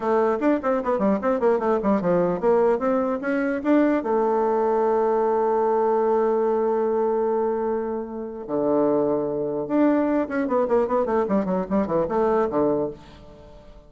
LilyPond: \new Staff \with { instrumentName = "bassoon" } { \time 4/4 \tempo 4 = 149 a4 d'8 c'8 b8 g8 c'8 ais8 | a8 g8 f4 ais4 c'4 | cis'4 d'4 a2~ | a1~ |
a1~ | a4 d2. | d'4. cis'8 b8 ais8 b8 a8 | g8 fis8 g8 e8 a4 d4 | }